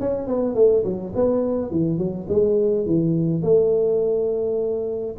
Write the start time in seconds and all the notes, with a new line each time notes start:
0.00 C#4
0.27 B3
0.55 A3
0.84 F#3
1.15 B3
1.70 E3
1.98 F#3
2.28 G#3
2.86 E3
3.42 A3